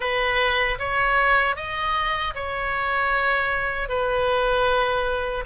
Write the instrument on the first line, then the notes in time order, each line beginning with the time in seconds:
oboe
0.00 B4
0.78 C#5
1.55 D#5
2.34 C#5
3.88 B4